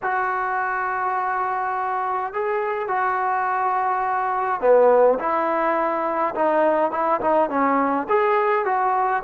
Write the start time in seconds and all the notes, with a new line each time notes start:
0.02 F#4
2.33 G#4
2.88 F#4
4.60 B3
5.19 E4
6.34 D#4
6.91 E4
7.20 D#4
7.49 C#4
8.08 G#4
8.65 F#4